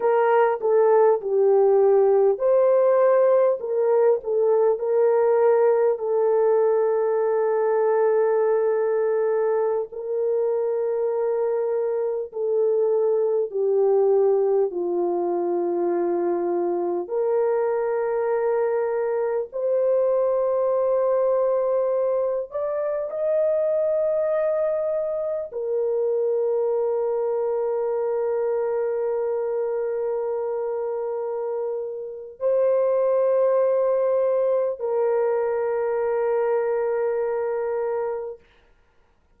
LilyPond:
\new Staff \with { instrumentName = "horn" } { \time 4/4 \tempo 4 = 50 ais'8 a'8 g'4 c''4 ais'8 a'8 | ais'4 a'2.~ | a'16 ais'2 a'4 g'8.~ | g'16 f'2 ais'4.~ ais'16~ |
ais'16 c''2~ c''8 d''8 dis''8.~ | dis''4~ dis''16 ais'2~ ais'8.~ | ais'2. c''4~ | c''4 ais'2. | }